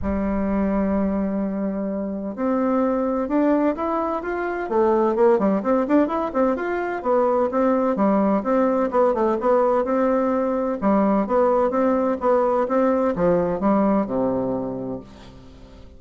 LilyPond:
\new Staff \with { instrumentName = "bassoon" } { \time 4/4 \tempo 4 = 128 g1~ | g4 c'2 d'4 | e'4 f'4 a4 ais8 g8 | c'8 d'8 e'8 c'8 f'4 b4 |
c'4 g4 c'4 b8 a8 | b4 c'2 g4 | b4 c'4 b4 c'4 | f4 g4 c2 | }